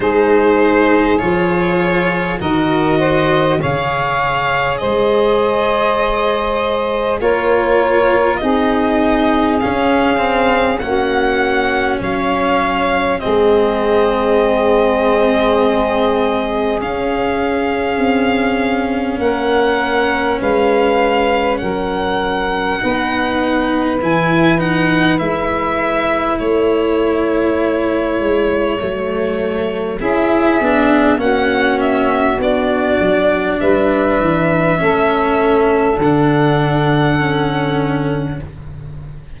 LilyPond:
<<
  \new Staff \with { instrumentName = "violin" } { \time 4/4 \tempo 4 = 50 c''4 cis''4 dis''4 f''4 | dis''2 cis''4 dis''4 | f''4 fis''4 f''4 dis''4~ | dis''2 f''2 |
fis''4 f''4 fis''2 | gis''8 fis''8 e''4 cis''2~ | cis''4 e''4 fis''8 e''8 d''4 | e''2 fis''2 | }
  \new Staff \with { instrumentName = "saxophone" } { \time 4/4 gis'2 ais'8 c''8 cis''4 | c''2 ais'4 gis'4~ | gis'4 fis'4 cis''4 gis'4~ | gis'1 |
ais'4 b'4 ais'4 b'4~ | b'2 a'2~ | a'4 gis'4 fis'2 | b'4 a'2. | }
  \new Staff \with { instrumentName = "cello" } { \time 4/4 dis'4 f'4 fis'4 gis'4~ | gis'2 f'4 dis'4 | cis'8 c'8 cis'2 c'4~ | c'2 cis'2~ |
cis'2. dis'4 | e'8 dis'8 e'2. | a4 e'8 d'8 cis'4 d'4~ | d'4 cis'4 d'4 cis'4 | }
  \new Staff \with { instrumentName = "tuba" } { \time 4/4 gis4 f4 dis4 cis4 | gis2 ais4 c'4 | cis'4 ais4 fis4 gis4~ | gis2 cis'4 c'4 |
ais4 gis4 fis4 b4 | e4 gis4 a4. gis8 | fis4 cis'8 b8 ais4 b8 fis8 | g8 e8 a4 d2 | }
>>